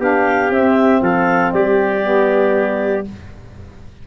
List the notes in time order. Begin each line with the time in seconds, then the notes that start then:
0.00 B3 D4 G4 F5
0.50 C4 E5
1.02 F3 A4 F5
1.52 G3 G4 D5
2.03 B3